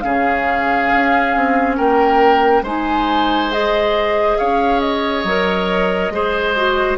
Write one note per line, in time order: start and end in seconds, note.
0.00 0.91 C#3
0.00 2.64 C#4
0.00 1.77 G#4
0.00 1.74 F5
0.94 1.36 C#4
1.36 1.78 C4
1.77 2.62 A#3
1.77 2.63 A#4
1.77 2.64 G5
2.62 4.36 G#3
2.62 3.51 D#4
2.62 4.37 C5
2.62 3.52 G#5
3.51 5.25 G#4
3.51 4.38 D#5
4.38 5.24 C#4
4.38 6.13 C#5
4.38 4.80 F5
4.80 6.97 D#5
5.24 6.10 F#3
5.24 6.12 A#4
6.10 6.97 G#3
6.10 6.56 G#4
6.10 6.98 C5
6.56 6.98 F#4